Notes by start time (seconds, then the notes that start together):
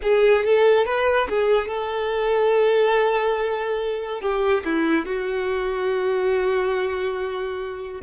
0.02 G#4
0.44 A4
0.85 B4
1.29 G#4
1.67 A4
4.21 G4
4.64 E4
5.05 F#4